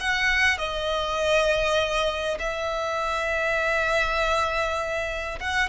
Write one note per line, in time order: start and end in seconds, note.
0.00 0.58 F#5
0.58 2.38 D#5
2.39 5.39 E5
5.40 5.69 F#5